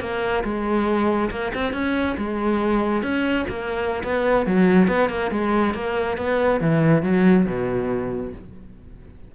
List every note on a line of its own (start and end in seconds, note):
0.00 0.43 A#3
0.44 1.30 G#3
1.30 1.52 A#3
1.54 1.73 C4
1.73 2.16 C#4
2.18 3.03 G#3
3.03 3.46 C#4
3.49 4.03 A#3
4.03 4.46 B3
4.46 4.88 F#3
4.88 5.09 B3
5.09 5.31 A#3
5.31 5.74 G#3
5.74 6.17 A#3
6.17 6.61 B3
6.61 7.02 E3
7.02 7.46 F#3
7.46 8.32 B2